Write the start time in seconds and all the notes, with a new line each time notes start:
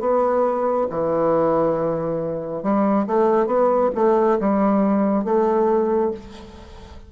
0.00 B3
0.89 E3
2.62 G3
3.06 A3
3.46 B3
3.94 A3
4.39 G3
5.24 A3